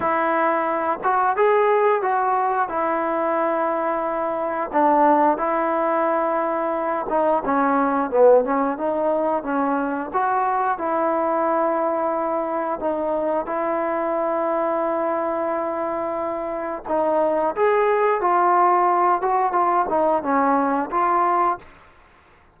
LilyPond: \new Staff \with { instrumentName = "trombone" } { \time 4/4 \tempo 4 = 89 e'4. fis'8 gis'4 fis'4 | e'2. d'4 | e'2~ e'8 dis'8 cis'4 | b8 cis'8 dis'4 cis'4 fis'4 |
e'2. dis'4 | e'1~ | e'4 dis'4 gis'4 f'4~ | f'8 fis'8 f'8 dis'8 cis'4 f'4 | }